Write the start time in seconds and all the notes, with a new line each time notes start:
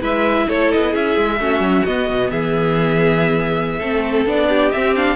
0.00 G#3 E4 B4 E5
0.48 A3 A4 C#5
0.72 B3 D#5
0.91 C#4 G#4 E5
1.17 G#3
1.39 A3 C#4 F#4
1.59 F#3
1.85 B3 D#5
2.10 B2
2.30 E3 G#4 E5
3.77 A3 C4 A4
4.26 B3 D4 D5
4.49 G4
4.72 C4 E5
4.95 D4 F5